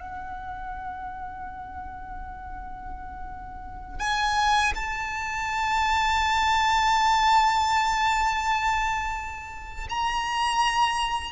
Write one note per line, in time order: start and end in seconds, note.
0.00 3.99 F#5
3.99 4.72 G#5
4.75 9.87 A5
9.89 11.31 A#5